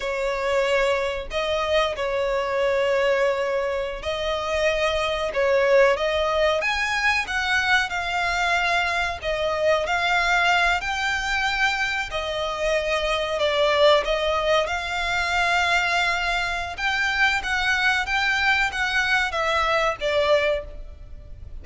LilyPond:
\new Staff \with { instrumentName = "violin" } { \time 4/4 \tempo 4 = 93 cis''2 dis''4 cis''4~ | cis''2~ cis''16 dis''4.~ dis''16~ | dis''16 cis''4 dis''4 gis''4 fis''8.~ | fis''16 f''2 dis''4 f''8.~ |
f''8. g''2 dis''4~ dis''16~ | dis''8. d''4 dis''4 f''4~ f''16~ | f''2 g''4 fis''4 | g''4 fis''4 e''4 d''4 | }